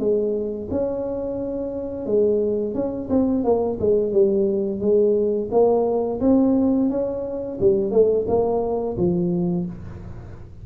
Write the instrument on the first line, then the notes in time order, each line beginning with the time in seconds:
tuba
0.00 G#3
0.71 C#4
2.07 G#3
2.75 C#4
3.10 C4
3.45 A#3
3.81 G#3
4.13 G3
4.81 G#3
5.52 A#3
6.21 C4
6.90 C#4
7.61 G3
7.92 A3
8.28 A#3
8.97 F3